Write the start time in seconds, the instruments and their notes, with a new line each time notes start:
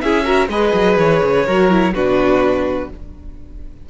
0.00 cello C#4, viola E4, violin G#4 E5
0.23 viola F#4, violin A#4
0.48 cello G#3, viola G#4, violin B4 D#5
0.73 cello F#3
0.97 cello E3, violin C#5
1.23 cello C#3
1.45 cello F#3, viola F#4, violin A#4
1.70 viola E4
1.93 cello B2, viola D4, violin F#4 B4